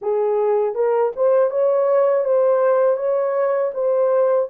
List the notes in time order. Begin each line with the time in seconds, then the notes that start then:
0.01 G#4
0.74 A#4
1.16 C5
1.50 C#5
2.25 C5
2.96 C#5
3.73 C5